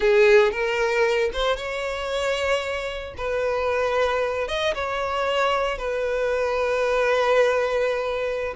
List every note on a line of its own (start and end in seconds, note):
0.00 0.51 G#4
0.51 1.30 A#4
1.33 1.56 C5
1.56 3.14 C#5
3.17 4.47 B4
4.47 4.74 D#5
4.74 5.78 C#5
5.78 8.54 B4